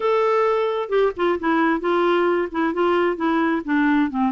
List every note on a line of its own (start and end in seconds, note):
0.00 0.89 A4
0.89 1.11 G4
1.16 1.39 F4
1.39 1.80 E4
1.80 2.48 F4
2.51 2.73 E4
2.73 3.16 F4
3.16 3.61 E4
3.64 4.10 D4
4.10 4.32 C4